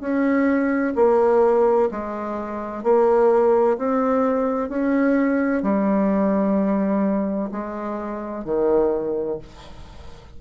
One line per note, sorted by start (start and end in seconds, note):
0.00 0.94 C#4
0.95 1.89 A#3
1.91 2.83 G#3
2.83 3.77 A#3
3.78 4.69 C4
4.69 5.62 C#4
5.62 7.50 G3
7.51 8.45 G#3
8.45 9.38 D#3